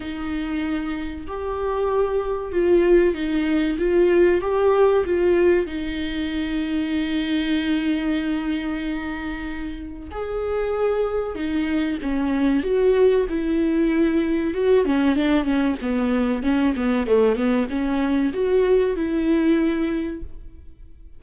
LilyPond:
\new Staff \with { instrumentName = "viola" } { \time 4/4 \tempo 4 = 95 dis'2 g'2 | f'4 dis'4 f'4 g'4 | f'4 dis'2.~ | dis'1 |
gis'2 dis'4 cis'4 | fis'4 e'2 fis'8 cis'8 | d'8 cis'8 b4 cis'8 b8 a8 b8 | cis'4 fis'4 e'2 | }